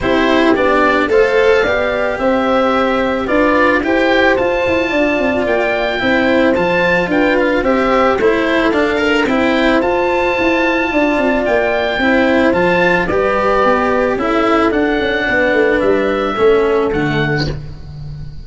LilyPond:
<<
  \new Staff \with { instrumentName = "oboe" } { \time 4/4 \tempo 4 = 110 c''4 d''4 f''2 | e''2 d''4 g''4 | a''2 g''2 | a''4 g''8 f''8 e''4 c''4 |
f''4 g''4 a''2~ | a''4 g''2 a''4 | d''2 e''4 fis''4~ | fis''4 e''2 fis''4 | }
  \new Staff \with { instrumentName = "horn" } { \time 4/4 g'2 c''4 d''4 | c''2 b'4 c''4~ | c''4 d''2 c''4~ | c''4 b'4 c''4 a'4~ |
a'4 c''2. | d''2 c''2 | b'2 a'2 | b'2 a'2 | }
  \new Staff \with { instrumentName = "cello" } { \time 4/4 e'4 d'4 a'4 g'4~ | g'2 f'4 g'4 | f'2. e'4 | f'2 g'4 e'4 |
d'8 ais'8 e'4 f'2~ | f'2 e'4 f'4 | g'2 e'4 d'4~ | d'2 cis'4 a4 | }
  \new Staff \with { instrumentName = "tuba" } { \time 4/4 c'4 b4 a4 b4 | c'2 d'4 e'4 | f'8 e'8 d'8 c'8 ais4 c'4 | f4 d'4 c'4 a4 |
d'4 c'4 f'4 e'4 | d'8 c'8 ais4 c'4 f4 | g4 b4 cis'4 d'8 cis'8 | b8 a8 g4 a4 d4 | }
>>